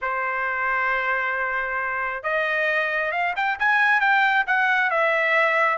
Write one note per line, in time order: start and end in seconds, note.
0.01 2.23 C5
2.23 3.11 D#5
3.11 3.33 F5
3.36 3.58 G5
3.59 4.00 G#5
4.00 4.44 G5
4.46 4.90 F#5
4.90 5.77 E5